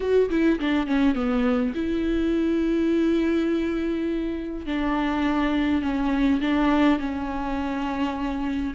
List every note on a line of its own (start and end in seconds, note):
0.00 0.29 F#4
0.30 0.59 E4
0.59 0.87 D4
0.87 1.14 C#4
1.14 1.73 B3
1.74 4.66 E4
4.66 5.81 D4
5.81 6.40 C#4
6.41 6.99 D4
6.99 8.74 C#4